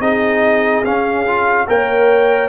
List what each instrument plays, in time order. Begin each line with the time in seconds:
0.00 tuba C4, trombone D#4, horn G#4, trumpet D#5
0.85 tuba C#4, trombone C#4, trumpet F5
1.27 trombone F4
1.68 tuba A#3, trombone A#4, horn C#5, trumpet G5